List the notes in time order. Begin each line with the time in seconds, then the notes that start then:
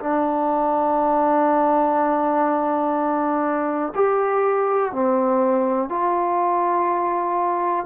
0.00 D4
3.96 G4
4.93 C4
5.90 F4